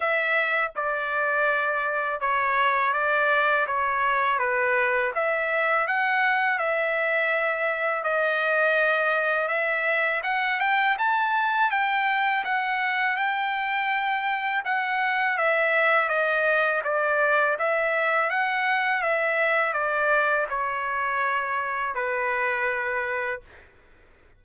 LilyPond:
\new Staff \with { instrumentName = "trumpet" } { \time 4/4 \tempo 4 = 82 e''4 d''2 cis''4 | d''4 cis''4 b'4 e''4 | fis''4 e''2 dis''4~ | dis''4 e''4 fis''8 g''8 a''4 |
g''4 fis''4 g''2 | fis''4 e''4 dis''4 d''4 | e''4 fis''4 e''4 d''4 | cis''2 b'2 | }